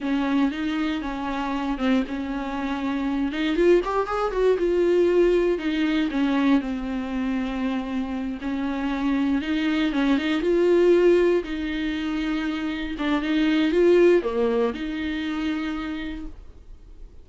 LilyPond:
\new Staff \with { instrumentName = "viola" } { \time 4/4 \tempo 4 = 118 cis'4 dis'4 cis'4. c'8 | cis'2~ cis'8 dis'8 f'8 g'8 | gis'8 fis'8 f'2 dis'4 | cis'4 c'2.~ |
c'8 cis'2 dis'4 cis'8 | dis'8 f'2 dis'4.~ | dis'4. d'8 dis'4 f'4 | ais4 dis'2. | }